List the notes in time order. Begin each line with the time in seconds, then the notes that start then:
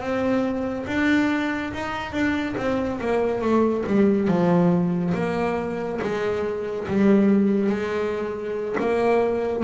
0.00 C4
0.87 D4
1.73 D#4
2.12 D4
2.57 C4
3.00 A#3
3.41 A3
3.86 G3
4.28 F3
5.14 A#3
6.02 G#3
6.88 G3
7.69 G#3
8.80 A#3